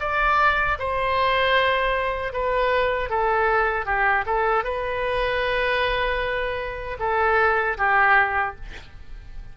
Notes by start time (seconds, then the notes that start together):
0.00 D5
0.79 C5
2.33 B4
3.10 A4
3.86 G4
4.26 A4
4.64 B4
6.99 A4
7.77 G4